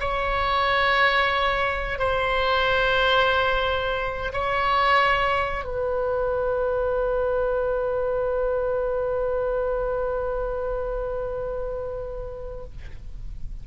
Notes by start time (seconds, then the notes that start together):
0.00 C#5
1.99 C5
4.33 C#5
5.64 B4